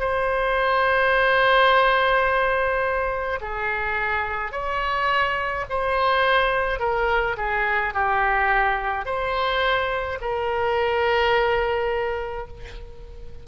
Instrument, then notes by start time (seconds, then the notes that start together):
oboe
0.00 C5
3.41 G#4
4.52 C#5
5.70 C5
6.80 A#4
7.37 G#4
7.94 G4
9.06 C5
10.21 A#4